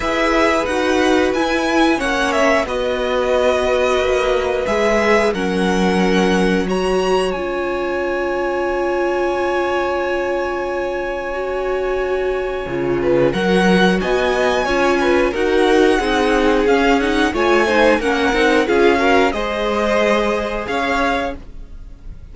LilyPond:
<<
  \new Staff \with { instrumentName = "violin" } { \time 4/4 \tempo 4 = 90 e''4 fis''4 gis''4 fis''8 e''8 | dis''2. e''4 | fis''2 ais''4 gis''4~ | gis''1~ |
gis''1 | fis''4 gis''2 fis''4~ | fis''4 f''8 fis''8 gis''4 fis''4 | f''4 dis''2 f''4 | }
  \new Staff \with { instrumentName = "violin" } { \time 4/4 b'2. cis''4 | b'1 | ais'2 cis''2~ | cis''1~ |
cis''2.~ cis''8 b'8 | ais'4 dis''4 cis''8 b'8 ais'4 | gis'2 cis''8 c''8 ais'4 | gis'8 ais'8 c''2 cis''4 | }
  \new Staff \with { instrumentName = "viola" } { \time 4/4 gis'4 fis'4 e'4 cis'4 | fis'2. gis'4 | cis'2 fis'4 f'4~ | f'1~ |
f'4 fis'2 f'4 | fis'2 f'4 fis'4 | dis'4 cis'8 dis'8 f'8 dis'8 cis'8 dis'8 | f'8 fis'8 gis'2. | }
  \new Staff \with { instrumentName = "cello" } { \time 4/4 e'4 dis'4 e'4 ais4 | b2 ais4 gis4 | fis2. cis'4~ | cis'1~ |
cis'2. cis4 | fis4 b4 cis'4 dis'4 | c'4 cis'4 a4 ais8 c'8 | cis'4 gis2 cis'4 | }
>>